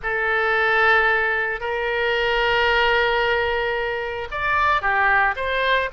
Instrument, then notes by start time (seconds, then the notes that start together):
oboe
0.03 A4
1.60 A#4
4.31 D5
4.81 G4
5.36 C5